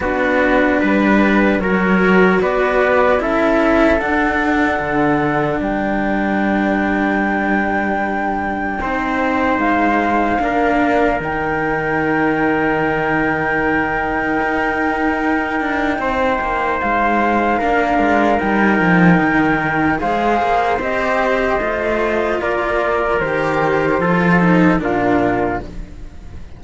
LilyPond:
<<
  \new Staff \with { instrumentName = "flute" } { \time 4/4 \tempo 4 = 75 b'2 cis''4 d''4 | e''4 fis''2 g''4~ | g''1 | f''2 g''2~ |
g''1~ | g''4 f''2 g''4~ | g''4 f''4 dis''2 | d''4 c''2 ais'4 | }
  \new Staff \with { instrumentName = "trumpet" } { \time 4/4 fis'4 b'4 ais'4 b'4 | a'2. b'4~ | b'2. c''4~ | c''4 ais'2.~ |
ais'1 | c''2 ais'2~ | ais'4 c''2. | ais'2 a'4 f'4 | }
  \new Staff \with { instrumentName = "cello" } { \time 4/4 d'2 fis'2 | e'4 d'2.~ | d'2. dis'4~ | dis'4 d'4 dis'2~ |
dis'1~ | dis'2 d'4 dis'4~ | dis'4 gis'4 g'4 f'4~ | f'4 g'4 f'8 dis'8 d'4 | }
  \new Staff \with { instrumentName = "cello" } { \time 4/4 b4 g4 fis4 b4 | cis'4 d'4 d4 g4~ | g2. c'4 | gis4 ais4 dis2~ |
dis2 dis'4. d'8 | c'8 ais8 gis4 ais8 gis8 g8 f8 | dis4 gis8 ais8 c'4 a4 | ais4 dis4 f4 ais,4 | }
>>